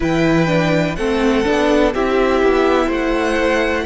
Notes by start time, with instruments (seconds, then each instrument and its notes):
0.00 cello E3, viola E4, violin B4 G5
0.46 viola D4
0.95 cello A3, viola C4, violin A4 F#5
1.44 cello B3, viola D4
1.94 cello C4, viola E4, violin G4 E5
2.42 cello B3
2.86 cello A3, violin C5 F#5